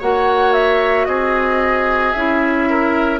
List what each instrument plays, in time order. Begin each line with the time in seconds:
0.00 bassoon A#3, clarinet F#4, oboe C#5, flute F#5
0.53 flute E5
1.05 bassoon C4, oboe G#4, flute D#5
2.13 bassoon C#4, clarinet E4, flute E5
2.70 oboe A#4